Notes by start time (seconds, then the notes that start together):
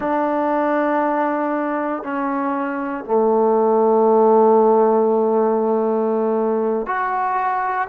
0.00 D4
2.03 C#4
3.05 A3
6.86 F#4